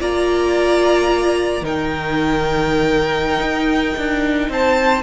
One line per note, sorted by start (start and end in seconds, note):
0.00 1.62 A#3
0.00 1.63 F4
0.00 1.64 D5
0.00 1.65 A#5
1.62 3.39 D#3
1.62 5.03 D#4
1.62 4.50 A#4
1.62 4.52 G5
3.41 3.95 D#4
3.97 4.49 D4
4.49 5.03 C4
4.49 5.03 C5
4.49 5.03 A5